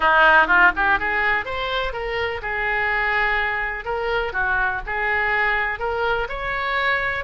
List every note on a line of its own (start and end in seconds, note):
0.00 0.47 D#4
0.47 0.71 F4
0.75 0.99 G4
0.99 1.45 G#4
1.45 1.92 C5
1.92 2.41 A#4
2.42 3.84 G#4
3.84 4.32 A#4
4.32 4.81 F#4
4.86 5.79 G#4
5.79 6.27 A#4
6.29 7.24 C#5